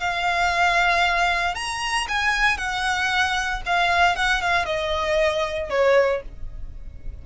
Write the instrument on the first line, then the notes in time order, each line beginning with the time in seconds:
violin
0.00 F5
1.55 A#5
2.08 G#5
2.57 F#5
3.66 F5
4.16 F#5
4.41 F5
4.65 D#5
5.70 C#5